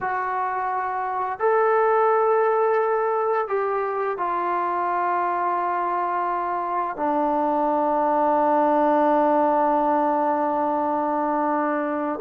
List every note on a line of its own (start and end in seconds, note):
0.00 1.39 F#4
1.39 3.47 A4
3.47 4.17 G4
4.17 6.96 F4
6.96 12.19 D4